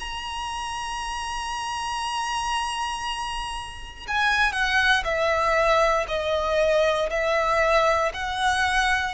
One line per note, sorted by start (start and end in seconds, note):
0.00 4.07 A#5
4.08 4.53 G#5
4.53 5.04 F#5
5.05 6.06 E5
6.08 7.10 D#5
7.10 8.12 E5
8.14 9.14 F#5